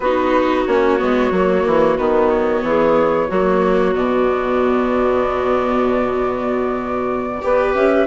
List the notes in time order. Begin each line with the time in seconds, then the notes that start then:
0.00 B3 D#4 F#4 B4
0.66 A#3 C#4 C#5
0.98 G#3 B3
1.30 F#3 A#3
1.66 E3
1.97 D#3 B3 B4
2.30 C#5
2.62 E3 G#4
3.27 F#3 A#3 F#4
3.94 B2 B3 D5
7.41 B3 G4 B4
7.74 C#4 E5